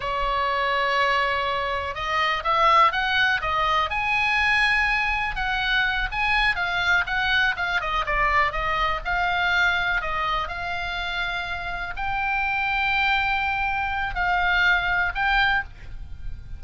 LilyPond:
\new Staff \with { instrumentName = "oboe" } { \time 4/4 \tempo 4 = 123 cis''1 | dis''4 e''4 fis''4 dis''4 | gis''2. fis''4~ | fis''8 gis''4 f''4 fis''4 f''8 |
dis''8 d''4 dis''4 f''4.~ | f''8 dis''4 f''2~ f''8~ | f''8 g''2.~ g''8~ | g''4 f''2 g''4 | }